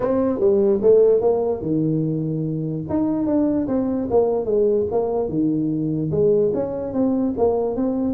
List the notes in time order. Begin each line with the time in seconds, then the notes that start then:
0.00 C4
0.39 G3
0.82 A3
1.21 A#3
1.61 D#3
2.89 D#4
3.26 D4
3.67 C4
4.10 A#3
4.45 G#3
4.91 A#3
5.28 D#3
6.11 G#3
6.53 C#4
6.93 C4
7.37 A#3
7.76 C4